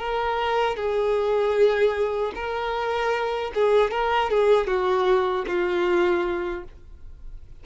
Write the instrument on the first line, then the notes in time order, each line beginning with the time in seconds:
violin
0.00 A#4
0.77 G#4
2.35 A#4
3.55 G#4
3.92 A#4
4.31 G#4
4.68 F#4
5.48 F4